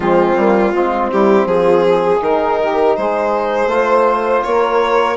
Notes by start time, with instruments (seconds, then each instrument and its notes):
0.00 bassoon F3, trombone G#3, saxophone C4, violin F4
0.36 bassoon G3, trombone A#3
0.73 bassoon G#3, trombone C4, saxophone F4
1.10 bassoon G3, saxophone E4, violin G4
1.45 bassoon F3, violin G#4
1.52 saxophone F4
1.86 saxophone G#4
2.20 bassoon D#3, trombone D#4, violin A#4
2.60 saxophone G4
2.96 bassoon G#3, saxophone G#4, violin C5
3.66 bassoon A3, trombone F4
3.73 saxophone C5
4.42 bassoon A#3, saxophone A#4, violin C#5